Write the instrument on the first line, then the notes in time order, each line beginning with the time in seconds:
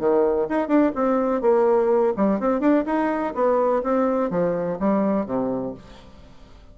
bassoon
0.00 D#3
0.50 D#4
0.68 D4
0.95 C4
1.42 A#3
2.17 G3
2.40 C4
2.61 D4
2.86 D#4
3.35 B3
3.83 C4
4.30 F3
4.80 G3
5.26 C3